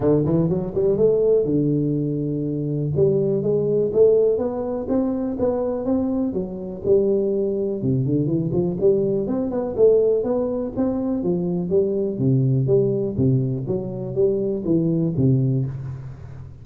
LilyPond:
\new Staff \with { instrumentName = "tuba" } { \time 4/4 \tempo 4 = 123 d8 e8 fis8 g8 a4 d4~ | d2 g4 gis4 | a4 b4 c'4 b4 | c'4 fis4 g2 |
c8 d8 e8 f8 g4 c'8 b8 | a4 b4 c'4 f4 | g4 c4 g4 c4 | fis4 g4 e4 c4 | }